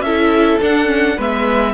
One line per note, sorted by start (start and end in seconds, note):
0.00 0.57 C#4
0.00 1.16 A4
0.00 0.58 E5
0.06 0.61 E4
0.61 0.85 D4
0.61 1.18 D4
0.61 1.19 F#5
0.85 1.14 C#4
1.16 1.74 G#3
1.16 1.74 B3
1.16 1.73 B4
1.16 1.74 E5